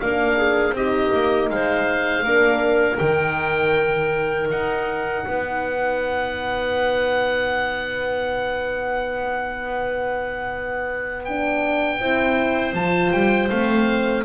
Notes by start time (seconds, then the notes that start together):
0.00 A#3 D4 A#4 F5
0.37 G#4
0.71 C4 G4 D#5
0.77 D#4
1.14 A#3
1.50 G#3 C5 F5
2.24 A#3 D4 A#4
2.98 D#3 D#4 G5
4.51 D#4 F#5
5.25 B3 B4
11.25 D4 G5
12.00 C4 E4 C5
12.73 F3 F4 A5
13.12 G3 G5
13.50 A3 C4 F5